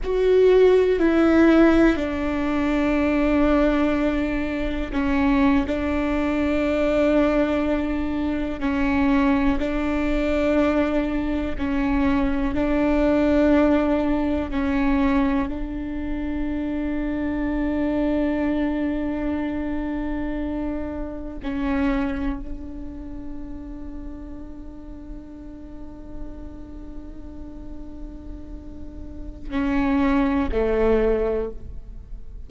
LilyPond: \new Staff \with { instrumentName = "viola" } { \time 4/4 \tempo 4 = 61 fis'4 e'4 d'2~ | d'4 cis'8. d'2~ d'16~ | d'8. cis'4 d'2 cis'16~ | cis'8. d'2 cis'4 d'16~ |
d'1~ | d'4.~ d'16 cis'4 d'4~ d'16~ | d'1~ | d'2 cis'4 a4 | }